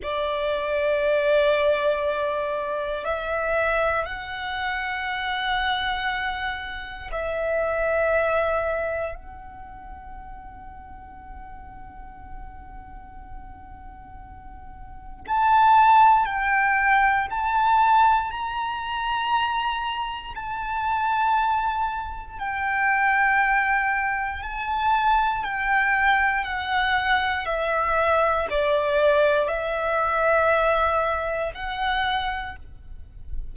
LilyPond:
\new Staff \with { instrumentName = "violin" } { \time 4/4 \tempo 4 = 59 d''2. e''4 | fis''2. e''4~ | e''4 fis''2.~ | fis''2. a''4 |
g''4 a''4 ais''2 | a''2 g''2 | a''4 g''4 fis''4 e''4 | d''4 e''2 fis''4 | }